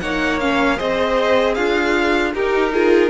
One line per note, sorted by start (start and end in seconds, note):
0.00 0.79 A#3
0.00 0.41 D#4
0.00 0.77 C#5
0.00 0.39 F#5
0.40 0.77 C#4
0.40 0.79 F5
0.77 1.57 C4
0.77 2.32 G#4
0.77 1.55 C5
0.77 1.54 D#5
1.54 2.34 D4
1.54 2.35 F4
1.54 2.32 F5
2.34 3.10 D#4
2.34 2.73 D#4
2.34 2.73 G4
2.34 3.10 A#4
2.73 3.10 F4
2.73 3.10 G#4